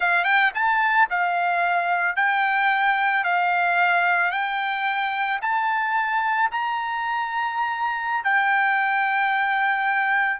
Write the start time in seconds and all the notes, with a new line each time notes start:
0.00 F5
0.24 G5
0.54 A5
1.10 F5
2.15 G5
3.23 F5
4.31 G5
5.41 A5
6.51 A#5
8.23 G5